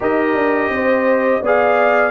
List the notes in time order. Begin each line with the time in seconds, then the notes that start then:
0.00 D#4 G4 A#4 D#5
0.33 D4
0.69 C4 C5
1.41 B3 G#4 D5 F5